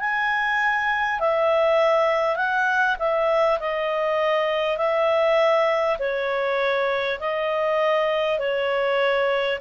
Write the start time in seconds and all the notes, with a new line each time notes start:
0.00 G#5
1.19 E5
2.36 F#5
2.99 E5
3.60 D#5
4.77 E5
5.99 C#5
7.20 D#5
8.39 C#5